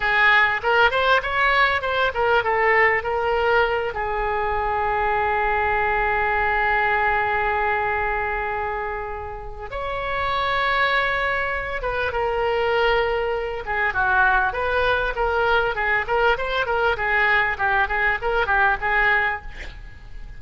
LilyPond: \new Staff \with { instrumentName = "oboe" } { \time 4/4 \tempo 4 = 99 gis'4 ais'8 c''8 cis''4 c''8 ais'8 | a'4 ais'4. gis'4.~ | gis'1~ | gis'1 |
cis''2.~ cis''8 b'8 | ais'2~ ais'8 gis'8 fis'4 | b'4 ais'4 gis'8 ais'8 c''8 ais'8 | gis'4 g'8 gis'8 ais'8 g'8 gis'4 | }